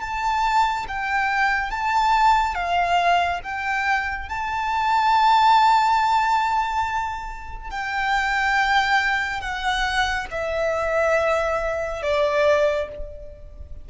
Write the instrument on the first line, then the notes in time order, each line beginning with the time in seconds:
violin
0.00 A5
0.88 G5
1.71 A5
2.54 F5
3.43 G5
4.28 A5
7.70 G5
9.41 F#5
10.31 E5
12.02 D5